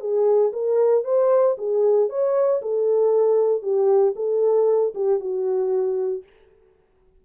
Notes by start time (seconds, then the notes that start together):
0.00 G#4
0.52 A#4
1.04 C5
1.58 G#4
2.09 C#5
2.62 A4
3.62 G4
4.16 A4
4.95 G4
5.20 F#4